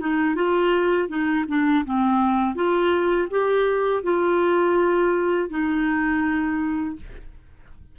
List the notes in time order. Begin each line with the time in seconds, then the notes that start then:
0.00 D#4
0.35 F4
1.08 D#4
1.48 D4
1.85 C4
2.55 F4
3.30 G4
4.03 F4
5.49 D#4